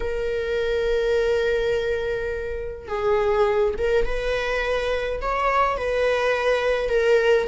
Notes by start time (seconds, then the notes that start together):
0.00 A#4
2.87 G#4
3.78 A#4
4.05 B4
5.21 C#5
5.77 B4
6.89 A#4